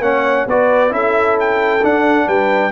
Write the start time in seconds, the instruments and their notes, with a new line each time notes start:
0.00 tuba A#3, trombone C#4, horn C#5, trumpet F#5
0.46 tuba B3, trombone F#4, horn B4, trumpet D5
0.90 tuba C#4, trombone E4, horn A4, trumpet E5
1.39 trumpet G5
1.82 trombone D4, tuba D4, trumpet F#5
2.27 tuba G3, horn B4, trumpet G5